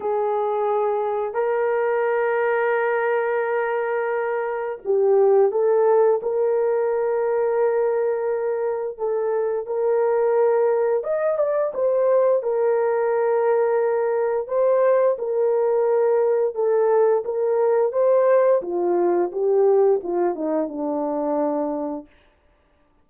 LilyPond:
\new Staff \with { instrumentName = "horn" } { \time 4/4 \tempo 4 = 87 gis'2 ais'2~ | ais'2. g'4 | a'4 ais'2.~ | ais'4 a'4 ais'2 |
dis''8 d''8 c''4 ais'2~ | ais'4 c''4 ais'2 | a'4 ais'4 c''4 f'4 | g'4 f'8 dis'8 d'2 | }